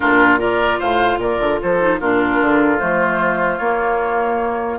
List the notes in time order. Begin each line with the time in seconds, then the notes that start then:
0.00 A#2 D4 F4 A#4
0.38 F4 A#4 D5
0.79 A2 C5 F5
1.18 A#2 A#4 D5
1.39 D3
1.62 F3 A4 C5
1.80 D#4
2.00 A#2 D4 F4 A#4
2.41 D3
2.78 F3 A3 C5
3.57 A#3 C#5